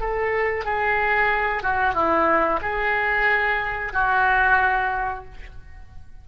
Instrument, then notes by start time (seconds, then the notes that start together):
oboe
0.00 A4
0.65 G#4
1.63 F#4
1.94 E4
2.62 G#4
3.93 F#4